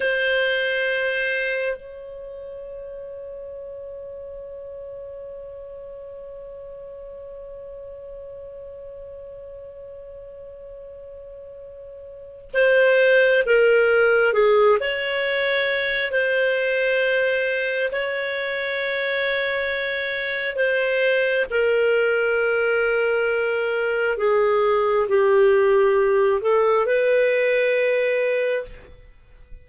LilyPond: \new Staff \with { instrumentName = "clarinet" } { \time 4/4 \tempo 4 = 67 c''2 cis''2~ | cis''1~ | cis''1~ | cis''2 c''4 ais'4 |
gis'8 cis''4. c''2 | cis''2. c''4 | ais'2. gis'4 | g'4. a'8 b'2 | }